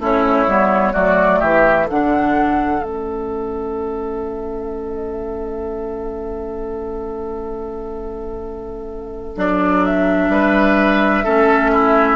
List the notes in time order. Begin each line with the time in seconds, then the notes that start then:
0.00 A3 C#4 E4 C#5
0.47 G3 B3
0.93 F#3 A3 F#4 D5
1.40 E3 G4 E5
1.87 D3 D4 A4 F#5
2.81 A3 C#4 E5
9.37 F#3 D4 D5
9.85 E5
10.29 G3 B4
11.25 A3 C#4 A4
11.73 E4